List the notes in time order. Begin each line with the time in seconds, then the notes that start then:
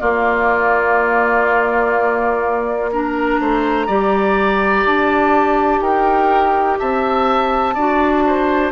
0.00 A#3 F4 D5
2.92 D4 A#4 A#5
3.40 A3 C5
3.87 G3 G4 D5
4.85 D4 A5
5.81 D#4 A#4 G5
6.79 C4 E5 A5
7.75 D4 F#4 D5
8.26 C5